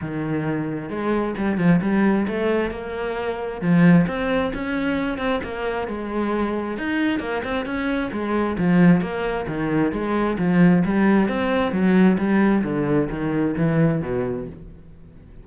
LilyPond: \new Staff \with { instrumentName = "cello" } { \time 4/4 \tempo 4 = 133 dis2 gis4 g8 f8 | g4 a4 ais2 | f4 c'4 cis'4. c'8 | ais4 gis2 dis'4 |
ais8 c'8 cis'4 gis4 f4 | ais4 dis4 gis4 f4 | g4 c'4 fis4 g4 | d4 dis4 e4 b,4 | }